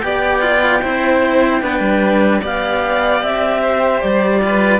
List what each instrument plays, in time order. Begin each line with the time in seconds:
0.00 cello B3 G4, violin D5, clarinet G5
0.41 cello F4
0.82 cello C4 E4, violin C5
1.61 cello B3 D4, violin B4
1.80 cello G3
2.40 cello B3 G4, violin D5, clarinet F5
3.23 cello C4, clarinet E5
3.62 violin C5
4.01 cello G3, clarinet D5
4.42 cello F4, violin B4